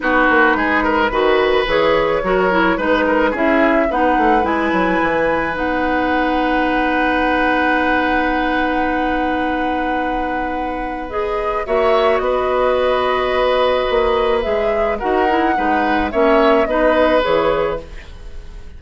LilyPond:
<<
  \new Staff \with { instrumentName = "flute" } { \time 4/4 \tempo 4 = 108 b'2. cis''4~ | cis''4 b'4 e''4 fis''4 | gis''2 fis''2~ | fis''1~ |
fis''1 | dis''4 e''4 dis''2~ | dis''2 e''4 fis''4~ | fis''4 e''4 dis''4 cis''4 | }
  \new Staff \with { instrumentName = "oboe" } { \time 4/4 fis'4 gis'8 ais'8 b'2 | ais'4 b'8 ais'8 gis'4 b'4~ | b'1~ | b'1~ |
b'1~ | b'4 cis''4 b'2~ | b'2. ais'4 | b'4 cis''4 b'2 | }
  \new Staff \with { instrumentName = "clarinet" } { \time 4/4 dis'2 fis'4 gis'4 | fis'8 e'8 dis'4 e'4 dis'4 | e'2 dis'2~ | dis'1~ |
dis'1 | gis'4 fis'2.~ | fis'2 gis'4 fis'8 e'8 | dis'4 cis'4 dis'4 gis'4 | }
  \new Staff \with { instrumentName = "bassoon" } { \time 4/4 b8 ais8 gis4 dis4 e4 | fis4 gis4 cis'4 b8 a8 | gis8 fis8 e4 b2~ | b1~ |
b1~ | b4 ais4 b2~ | b4 ais4 gis4 dis'4 | gis4 ais4 b4 e4 | }
>>